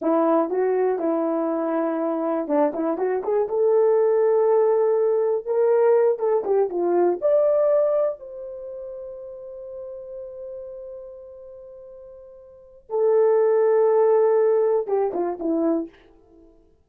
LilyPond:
\new Staff \with { instrumentName = "horn" } { \time 4/4 \tempo 4 = 121 e'4 fis'4 e'2~ | e'4 d'8 e'8 fis'8 gis'8 a'4~ | a'2. ais'4~ | ais'8 a'8 g'8 f'4 d''4.~ |
d''8 c''2.~ c''8~ | c''1~ | c''2 a'2~ | a'2 g'8 f'8 e'4 | }